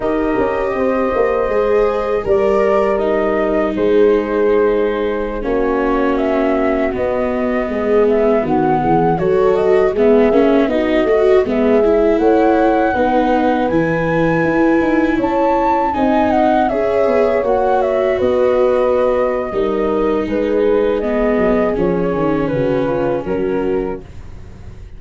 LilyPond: <<
  \new Staff \with { instrumentName = "flute" } { \time 4/4 \tempo 4 = 80 dis''2. d''4 | dis''4 c''2~ c''16 cis''8.~ | cis''16 e''4 dis''4. e''8 fis''8.~ | fis''16 cis''8 dis''8 e''4 dis''4 e''8.~ |
e''16 fis''2 gis''4.~ gis''16~ | gis''16 a''4 gis''8 fis''8 e''4 fis''8 e''16~ | e''16 dis''2~ dis''8. b'4 | dis''4 cis''4 b'4 ais'4 | }
  \new Staff \with { instrumentName = "horn" } { \time 4/4 ais'4 c''2 ais'4~ | ais'4 gis'2~ gis'16 fis'8.~ | fis'2~ fis'16 gis'4 fis'8 gis'16~ | gis'16 a'4 gis'4 fis'4 gis'8.~ |
gis'16 cis''4 b'2~ b'8.~ | b'16 cis''4 dis''4 cis''4.~ cis''16~ | cis''16 b'4.~ b'16 ais'4 gis'4~ | gis'2 fis'8 f'8 fis'4 | }
  \new Staff \with { instrumentName = "viola" } { \time 4/4 g'2 gis'4 ais'4 | dis'2.~ dis'16 cis'8.~ | cis'4~ cis'16 b2~ b8.~ | b16 fis'4 b8 cis'8 dis'8 fis'8 b8 e'16~ |
e'4~ e'16 dis'4 e'4.~ e'16~ | e'4~ e'16 dis'4 gis'4 fis'8.~ | fis'2 dis'2 | b4 cis'2. | }
  \new Staff \with { instrumentName = "tuba" } { \time 4/4 dis'8 cis'8 c'8 ais8 gis4 g4~ | g4 gis2~ gis16 ais8.~ | ais4~ ais16 b4 gis4 dis8 e16~ | e16 fis4 gis8 ais8 b8 a8 gis8.~ |
gis16 a4 b4 e4 e'8 dis'16~ | dis'16 cis'4 c'4 cis'8 b8 ais8.~ | ais16 b4.~ b16 g4 gis4~ | gis8 fis8 f8 dis8 cis4 fis4 | }
>>